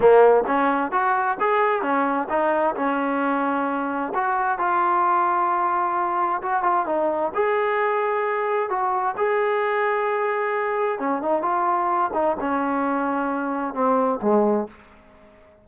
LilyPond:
\new Staff \with { instrumentName = "trombone" } { \time 4/4 \tempo 4 = 131 ais4 cis'4 fis'4 gis'4 | cis'4 dis'4 cis'2~ | cis'4 fis'4 f'2~ | f'2 fis'8 f'8 dis'4 |
gis'2. fis'4 | gis'1 | cis'8 dis'8 f'4. dis'8 cis'4~ | cis'2 c'4 gis4 | }